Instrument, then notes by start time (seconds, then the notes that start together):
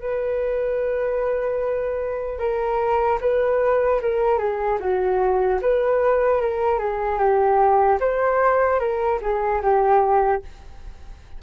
flute
0.00 B4
2.38 A#4
3.20 B4
4.01 A#4
4.38 G#4
4.80 F#4
5.61 B4
6.41 A#4
6.79 G#4
7.18 G4
8.00 C5
8.79 A#4
9.21 G#4
9.61 G4